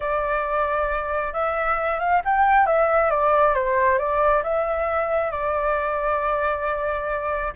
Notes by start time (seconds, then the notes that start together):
0.00 D5
1.33 E5
1.99 F5
2.24 G5
2.66 E5
3.10 D5
3.54 C5
3.98 D5
4.43 E5
5.31 D5